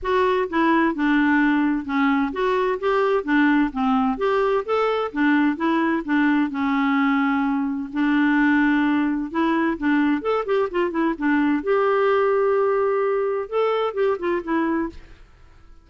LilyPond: \new Staff \with { instrumentName = "clarinet" } { \time 4/4 \tempo 4 = 129 fis'4 e'4 d'2 | cis'4 fis'4 g'4 d'4 | c'4 g'4 a'4 d'4 | e'4 d'4 cis'2~ |
cis'4 d'2. | e'4 d'4 a'8 g'8 f'8 e'8 | d'4 g'2.~ | g'4 a'4 g'8 f'8 e'4 | }